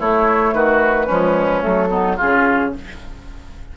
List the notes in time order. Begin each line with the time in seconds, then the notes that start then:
0.00 A3 E4 C#5
0.54 D#3 F#4 B4
1.07 F3 G#3 C#4
1.61 F#3 A3 A4
1.91 B3 D#4
2.17 C#4 F4 G#4
2.23 C#3